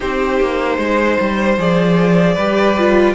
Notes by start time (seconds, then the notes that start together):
0.00 C4 D#4 G4 C5
0.40 A#3
0.78 G#3 C5
1.20 G3
1.57 F3 G#4 D5
2.34 G3 G4 B4
2.78 F4